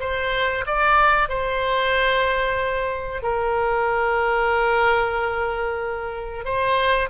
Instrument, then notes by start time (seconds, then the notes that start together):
oboe
0.00 C5
0.66 D5
1.28 C5
3.22 A#4
6.45 C5